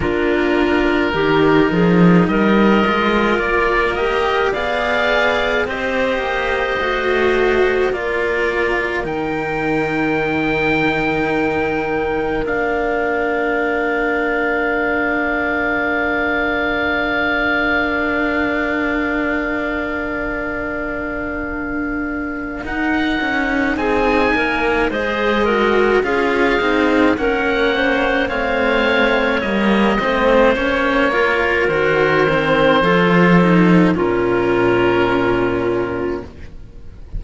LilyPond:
<<
  \new Staff \with { instrumentName = "oboe" } { \time 4/4 \tempo 4 = 53 ais'2 dis''4 d''8 dis''8 | f''4 dis''2 d''4 | g''2. f''4~ | f''1~ |
f''1 | fis''4 gis''4 dis''4 f''4 | fis''4 f''4 dis''4 cis''4 | c''2 ais'2 | }
  \new Staff \with { instrumentName = "clarinet" } { \time 4/4 f'4 g'8 gis'8 ais'2 | d''4 c''2 ais'4~ | ais'1~ | ais'1~ |
ais'1~ | ais'4 gis'8 ais'8 c''8 ais'8 gis'4 | ais'8 c''8 cis''4. c''4 ais'8~ | ais'4 a'4 f'2 | }
  \new Staff \with { instrumentName = "cello" } { \time 4/4 d'4 dis'4. f'4 g'8 | gis'4 g'4 fis'4 f'4 | dis'2. d'4~ | d'1~ |
d'1 | dis'2 gis'8 fis'8 f'8 dis'8 | cis'4 c'4 ais8 c'8 cis'8 f'8 | fis'8 c'8 f'8 dis'8 cis'2 | }
  \new Staff \with { instrumentName = "cello" } { \time 4/4 ais4 dis8 f8 g8 gis8 ais4 | b4 c'8 ais8 a4 ais4 | dis2. ais4~ | ais1~ |
ais1 | dis'8 cis'8 c'8 ais8 gis4 cis'8 c'8 | ais4 a4 g8 a8 ais4 | dis4 f4 ais,2 | }
>>